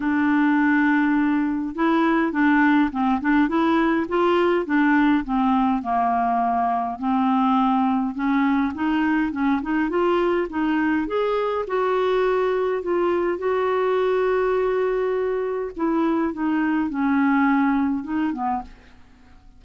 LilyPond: \new Staff \with { instrumentName = "clarinet" } { \time 4/4 \tempo 4 = 103 d'2. e'4 | d'4 c'8 d'8 e'4 f'4 | d'4 c'4 ais2 | c'2 cis'4 dis'4 |
cis'8 dis'8 f'4 dis'4 gis'4 | fis'2 f'4 fis'4~ | fis'2. e'4 | dis'4 cis'2 dis'8 b8 | }